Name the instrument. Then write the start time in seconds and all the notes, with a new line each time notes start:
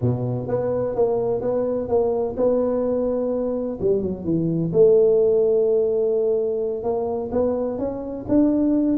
tuba
0.01 B2
0.48 B3
0.95 A#3
1.41 B3
1.88 A#3
2.36 B3
3.80 G3
4.02 F#3
4.24 E3
4.72 A3
6.83 A#3
7.31 B3
7.78 C#4
8.28 D4